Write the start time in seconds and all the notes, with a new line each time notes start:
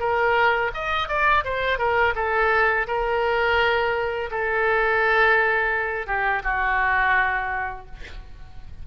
0.00 A#4
0.74 D#5
1.08 D5
1.45 C5
1.79 A#4
2.16 A4
2.88 A#4
4.31 A4
6.07 G4
6.44 F#4